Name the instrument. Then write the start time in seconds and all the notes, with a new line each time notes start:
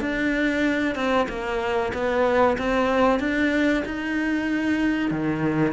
cello
0.00 D4
0.95 C4
1.28 A#3
1.93 B3
2.57 C4
3.19 D4
3.85 D#4
5.10 D#3